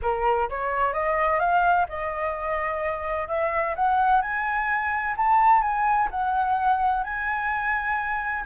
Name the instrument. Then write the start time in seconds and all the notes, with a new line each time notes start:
flute
0.02 A#4
0.49 C#5
0.93 D#5
1.39 F5
1.89 D#5
3.27 E5
3.75 F#5
4.21 G#5
5.16 A5
5.61 G#5
6.10 F#5
7.03 G#5